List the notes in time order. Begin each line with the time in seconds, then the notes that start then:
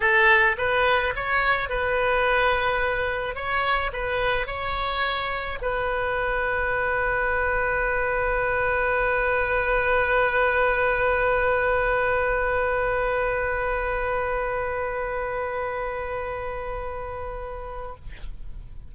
0.00 A4
0.57 B4
1.15 C#5
1.69 B4
3.35 C#5
3.93 B4
4.46 C#5
5.61 B4